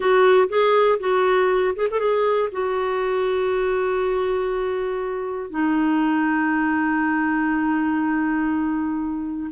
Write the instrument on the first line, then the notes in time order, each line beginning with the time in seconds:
clarinet
0.00 F#4
0.49 G#4
0.99 F#4
1.75 G#4
1.90 A4
1.99 G#4
2.51 F#4
5.50 D#4